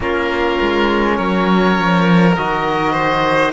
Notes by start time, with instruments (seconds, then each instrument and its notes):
0.00 cello A#3, trombone C#4, violin F4, oboe A#4
0.61 cello G#3
1.16 cello F#3, violin A#4, oboe C#5
1.77 cello F3
2.36 cello D#3, trombone F#4, oboe D#5
2.92 violin C5